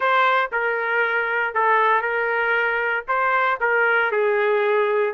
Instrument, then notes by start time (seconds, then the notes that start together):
trumpet
0.00 C5
0.52 A#4
1.54 A4
2.01 A#4
3.08 C5
3.60 A#4
4.11 G#4